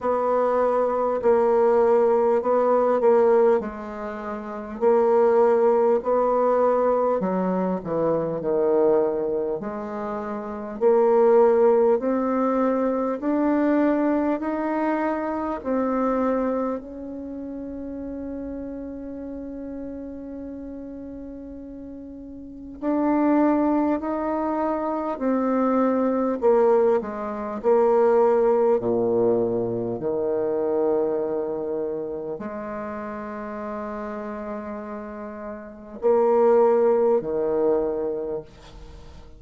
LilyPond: \new Staff \with { instrumentName = "bassoon" } { \time 4/4 \tempo 4 = 50 b4 ais4 b8 ais8 gis4 | ais4 b4 fis8 e8 dis4 | gis4 ais4 c'4 d'4 | dis'4 c'4 cis'2~ |
cis'2. d'4 | dis'4 c'4 ais8 gis8 ais4 | ais,4 dis2 gis4~ | gis2 ais4 dis4 | }